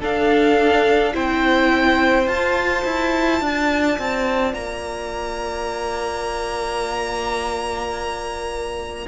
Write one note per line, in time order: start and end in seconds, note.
0.00 1.14 D4
0.00 1.15 D4
0.00 1.13 A4
0.00 1.16 F5
1.14 2.27 C4
1.14 2.27 E4
1.14 3.42 C5
1.14 2.29 G5
2.27 9.06 F4
2.27 2.84 F4
2.27 4.54 A5
2.85 3.41 E4
3.41 3.98 D4
3.41 9.08 D5
3.99 4.54 C4
4.54 9.07 A#3
4.54 9.07 A#5